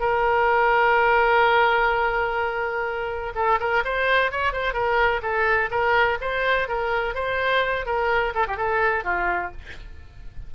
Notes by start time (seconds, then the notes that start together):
0.00 A#4
3.35 A4
3.60 A#4
3.85 C5
4.32 C#5
4.53 C5
4.74 A#4
5.23 A4
5.71 A#4
6.21 C5
6.68 A#4
7.15 C5
7.86 A#4
8.35 A4
8.48 G4
8.57 A4
9.04 F4